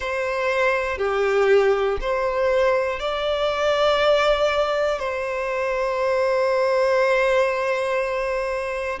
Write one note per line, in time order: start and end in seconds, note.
0.00 0.97 C5
0.97 1.97 G4
2.00 2.99 C5
2.99 4.99 D5
4.99 8.99 C5